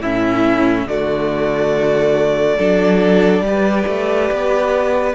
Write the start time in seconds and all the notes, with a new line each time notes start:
0.00 A2 C#4 E4 E5
0.86 D3 A3 F#4 D5
2.57 F#3 D4 A4
3.40 G3 G4
3.47 B4
3.87 A3
4.31 B3